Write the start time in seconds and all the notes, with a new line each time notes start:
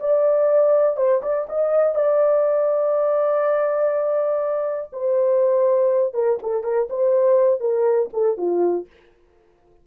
0.00 D5
0.97 C5
1.23 D5
1.49 D#5
1.95 D5
4.93 C5
6.14 A#4
6.43 A4
6.64 A#4
6.90 C5
7.60 A#4
8.13 A4
8.37 F4